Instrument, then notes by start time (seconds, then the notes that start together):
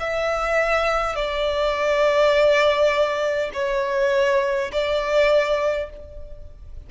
violin
0.00 E5
1.16 D5
3.53 C#5
4.72 D5